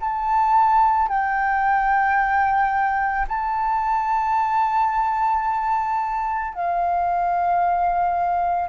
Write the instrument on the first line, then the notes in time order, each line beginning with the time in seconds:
flute
0.00 A5
1.08 G5
3.28 A5
6.54 F5